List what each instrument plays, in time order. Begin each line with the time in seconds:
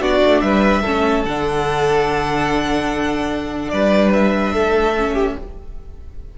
0.00 cello B3, viola D4, violin F#4 D5
0.25 cello A3
0.41 cello G3, violin B4 E5
0.82 cello A3, viola C#4, violin A4
1.25 cello D3, viola D4, violin F#5
3.69 cello G3, violin B4 D5
4.13 violin E5
4.53 cello A3, violin A4
4.97 viola C#4
5.14 violin G4